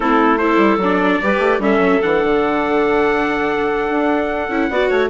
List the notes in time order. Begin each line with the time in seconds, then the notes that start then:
0.00 A3 C4 E4 A4
0.38 E4 A4 C5
0.57 G3
0.77 F#3 D4
0.84 D5
1.22 G3 G4 B4
1.39 A3
1.59 G3 C#4 A4 E5
1.78 F#3
2.02 E3 D4 F#5
2.22 D3
3.89 D4
4.49 C#4 E4
4.69 B3 F#4 D5
4.88 A3 C#5